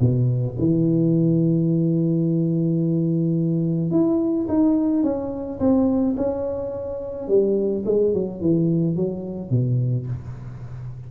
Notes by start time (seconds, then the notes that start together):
0.00 B2
0.59 E3
3.91 E4
4.48 D#4
5.03 C#4
5.60 C4
6.17 C#4
7.28 G3
7.86 G#3
8.14 F#3
8.41 E3
8.96 F#3
9.50 B2